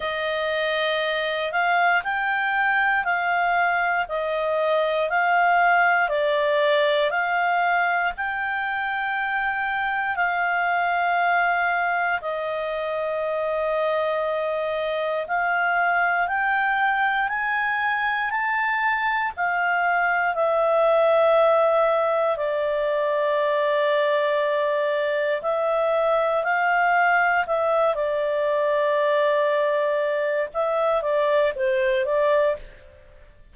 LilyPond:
\new Staff \with { instrumentName = "clarinet" } { \time 4/4 \tempo 4 = 59 dis''4. f''8 g''4 f''4 | dis''4 f''4 d''4 f''4 | g''2 f''2 | dis''2. f''4 |
g''4 gis''4 a''4 f''4 | e''2 d''2~ | d''4 e''4 f''4 e''8 d''8~ | d''2 e''8 d''8 c''8 d''8 | }